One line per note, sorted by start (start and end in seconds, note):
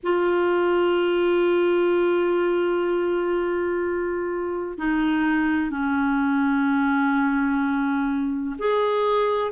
0.03 4.77 F4
4.77 5.70 D#4
5.70 8.56 C#4
8.58 9.51 G#4